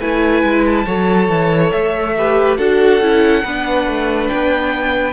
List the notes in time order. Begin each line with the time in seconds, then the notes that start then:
0.00 A3 E4 B4 G#5
0.43 G#3
0.66 A5
0.86 F#3 A4 C#5
1.29 E3
1.72 A3 E5
2.17 G4 B4
2.57 D4 F#4 A4 F#5
3.01 C#4 E4
3.43 B3 D4 B4
3.87 A3
4.28 B3 G5